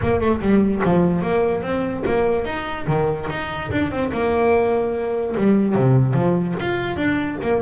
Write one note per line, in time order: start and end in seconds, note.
0.01 0.20 A#3
0.20 0.40 A3
0.41 0.82 G3
0.84 1.21 F3
1.21 1.62 A#3
1.62 2.03 C4
2.05 2.45 A#3
2.45 2.86 D#4
2.86 3.27 D#3
3.30 3.71 D#4
3.71 3.91 D4
3.91 4.11 C4
4.12 5.35 A#3
5.37 5.74 G3
5.74 6.13 C3
6.13 6.55 F3
6.59 6.96 F4
6.96 7.37 D4
7.42 7.61 A#3